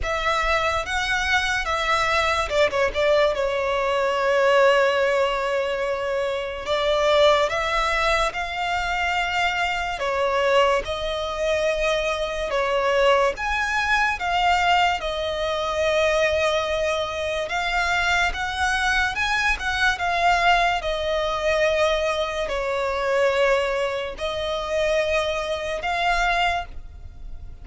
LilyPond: \new Staff \with { instrumentName = "violin" } { \time 4/4 \tempo 4 = 72 e''4 fis''4 e''4 d''16 cis''16 d''8 | cis''1 | d''4 e''4 f''2 | cis''4 dis''2 cis''4 |
gis''4 f''4 dis''2~ | dis''4 f''4 fis''4 gis''8 fis''8 | f''4 dis''2 cis''4~ | cis''4 dis''2 f''4 | }